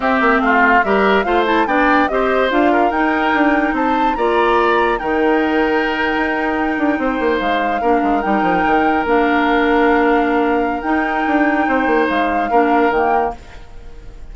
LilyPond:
<<
  \new Staff \with { instrumentName = "flute" } { \time 4/4 \tempo 4 = 144 e''4 f''4 e''4 f''8 a''8 | g''4 dis''4 f''4 g''4~ | g''4 a''4 ais''2 | g''1~ |
g''4.~ g''16 f''2 g''16~ | g''4.~ g''16 f''2~ f''16~ | f''2 g''2~ | g''4 f''2 g''4 | }
  \new Staff \with { instrumentName = "oboe" } { \time 4/4 g'4 f'4 ais'4 c''4 | d''4 c''4. ais'4.~ | ais'4 c''4 d''2 | ais'1~ |
ais'8. c''2 ais'4~ ais'16~ | ais'1~ | ais'1 | c''2 ais'2 | }
  \new Staff \with { instrumentName = "clarinet" } { \time 4/4 c'2 g'4 f'8 e'8 | d'4 g'4 f'4 dis'4~ | dis'2 f'2 | dis'1~ |
dis'2~ dis'8. d'4 dis'16~ | dis'4.~ dis'16 d'2~ d'16~ | d'2 dis'2~ | dis'2 d'4 ais4 | }
  \new Staff \with { instrumentName = "bassoon" } { \time 4/4 c'8 ais8 a4 g4 a4 | b4 c'4 d'4 dis'4 | d'4 c'4 ais2 | dis2~ dis8. dis'4~ dis'16~ |
dis'16 d'8 c'8 ais8 gis4 ais8 gis8 g16~ | g16 f8 dis4 ais2~ ais16~ | ais2 dis'4 d'4 | c'8 ais8 gis4 ais4 dis4 | }
>>